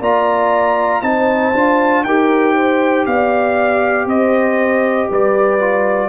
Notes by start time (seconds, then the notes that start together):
0.00 A#3 F4 D5 A#5
1.02 C4 D#4 C5 A5
1.54 D4 F4
2.04 D#4 G4 A#4 G5
2.56 C5
3.06 B3 D5 F5
4.06 C4 C5 D#5
5.10 G3 B4 D5
5.60 F4